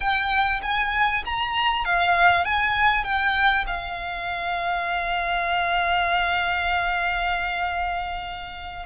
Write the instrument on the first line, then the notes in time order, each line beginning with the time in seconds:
violin
0.00 G5
0.62 G#5
1.25 A#5
1.85 F5
2.45 G#5
3.04 G5
3.66 F5